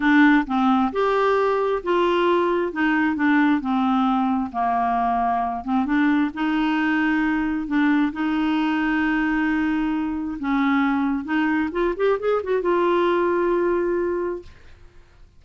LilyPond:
\new Staff \with { instrumentName = "clarinet" } { \time 4/4 \tempo 4 = 133 d'4 c'4 g'2 | f'2 dis'4 d'4 | c'2 ais2~ | ais8 c'8 d'4 dis'2~ |
dis'4 d'4 dis'2~ | dis'2. cis'4~ | cis'4 dis'4 f'8 g'8 gis'8 fis'8 | f'1 | }